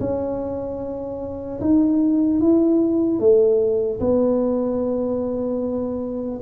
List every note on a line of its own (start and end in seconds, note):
0.00 1.60 C#4
1.60 2.40 D#4
2.40 3.20 E4
3.20 4.00 A3
4.00 6.40 B3